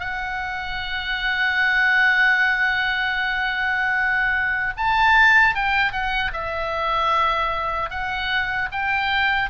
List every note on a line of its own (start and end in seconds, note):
0.00 4.74 F#5
4.77 5.55 A5
5.55 5.92 G5
5.92 6.32 F#5
6.33 7.91 E5
7.91 8.69 F#5
8.72 9.50 G5